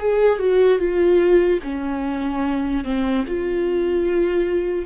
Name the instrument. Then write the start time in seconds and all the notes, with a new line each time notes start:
viola
0.00 G#4
0.39 F#4
0.79 F4
1.64 C#4
2.85 C4
3.28 F4